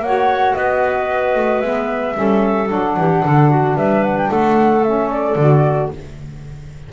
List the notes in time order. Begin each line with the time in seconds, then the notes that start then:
0.00 A#3 F#4 C#5 F#5
0.55 B3 B4 D#5
1.36 A3
1.61 G#3 B3 E5
2.15 G3 C#4 A4
2.67 F#3 D4 F#5
2.97 E3 G4
3.24 D3 A4
3.51 F#4
3.76 G3 B4 E5
4.04 F#5
4.18 G5
4.31 A3 A4 F#5
4.84 C#4 E5
5.11 D5
5.36 D3 F#4